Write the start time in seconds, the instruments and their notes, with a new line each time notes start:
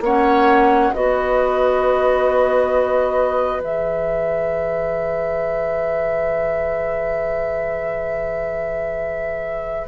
0.00 bassoon A#3, clarinet C#4, oboe C#5, flute F#5
0.93 bassoon B3, clarinet F#4, oboe B4, flute D#5
3.60 bassoon E3, clarinet G#4, flute E5